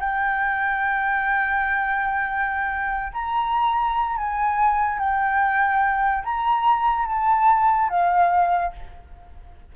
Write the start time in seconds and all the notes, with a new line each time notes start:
0.00 G5
3.13 A#5
4.17 G#5
4.99 G5
6.24 A#5
7.06 A5
7.90 F5